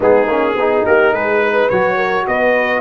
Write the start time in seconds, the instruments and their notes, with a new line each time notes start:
0.00 tuba G#3, trombone B3, horn D#4, trumpet G#4
0.26 tuba A#3, trombone C#4
0.55 tuba B3, trombone D#4, horn G#4
0.85 tuba A#3, horn G4, trumpet A#4
1.12 tuba G#3, horn G#4, trumpet B4
1.42 horn B4
1.69 tuba F#3, trombone F#4, trumpet C#5
1.96 horn A#4
2.27 tuba B3, horn B4, trumpet D#5